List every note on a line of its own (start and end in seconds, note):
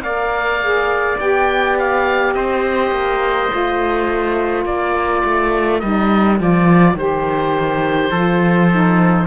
0.00 1.15 A#3
0.00 0.61 A#4
0.00 2.35 D5
0.00 1.18 F5
0.61 1.19 G#4
1.19 2.34 B3
1.19 3.49 G4
1.19 1.78 G5
1.79 2.34 F5
2.34 2.91 C4
2.34 4.66 C5
2.34 4.65 D#5
2.91 3.48 A#3
3.49 4.65 A3
3.49 5.80 F4
4.65 5.23 A#3
4.65 8.11 A#4
4.65 5.79 D5
5.25 5.82 A3
5.79 6.40 G3
5.79 6.38 D#4
5.79 6.37 D#5
6.38 6.94 F3
6.38 6.96 F4
6.38 6.98 D5
6.94 8.09 D#3
6.94 8.12 G4
6.94 9.27 C5
8.11 9.27 F3
8.11 8.71 F4
8.11 9.26 A4
8.71 9.27 D#4